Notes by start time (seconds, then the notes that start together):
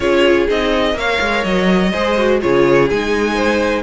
0.00 C#4 F4 G#4 C#5
0.48 C4 D#4 D#5
0.93 A#3 A#4 C#5 F5
1.21 G#3
1.44 F#3 D#5
1.92 G#3 G#4 C5
2.17 F#4
2.41 C#3 F4 G#4 C#5
2.90 G#3 D#4 G#5
3.34 C5